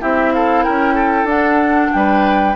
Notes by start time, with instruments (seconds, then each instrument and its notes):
0.00 bassoon C4, clarinet E4, oboe G4, flute E5
0.34 oboe A4, flute F5
0.63 bassoon C#4, oboe A#4, flute G5
0.94 oboe A4
1.24 bassoon D4, clarinet D4, flute F#5
1.92 bassoon G3, oboe B4, flute G5